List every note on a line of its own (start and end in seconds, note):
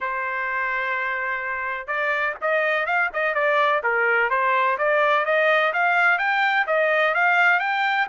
0.00 1.87 C5
1.87 2.34 D5
2.41 2.85 D#5
2.85 3.09 F5
3.13 3.34 D#5
3.34 3.82 D5
3.83 4.30 A#4
4.30 4.77 C5
4.77 5.25 D5
5.25 5.73 D#5
5.73 6.18 F5
6.18 6.66 G5
6.67 7.14 D#5
7.14 7.59 F5
7.59 8.07 G5